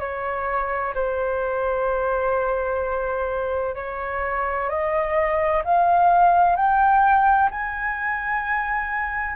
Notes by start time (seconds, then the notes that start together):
0.00 C#5
0.95 C5
3.75 C#5
4.69 D#5
5.65 F5
6.56 G5
7.51 G#5